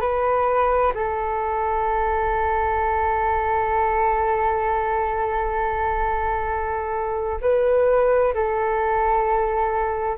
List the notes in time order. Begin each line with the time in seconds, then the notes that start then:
0.00 B4
0.94 A4
7.41 B4
8.34 A4